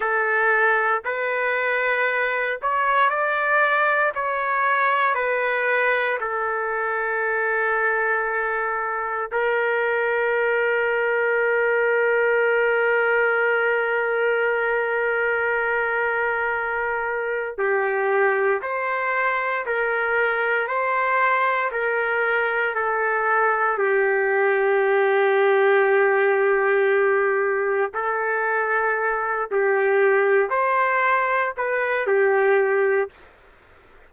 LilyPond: \new Staff \with { instrumentName = "trumpet" } { \time 4/4 \tempo 4 = 58 a'4 b'4. cis''8 d''4 | cis''4 b'4 a'2~ | a'4 ais'2.~ | ais'1~ |
ais'4 g'4 c''4 ais'4 | c''4 ais'4 a'4 g'4~ | g'2. a'4~ | a'8 g'4 c''4 b'8 g'4 | }